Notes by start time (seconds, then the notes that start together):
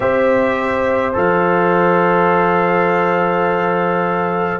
0.00 C4 G4 C5 E5
1.13 F3 A4 F5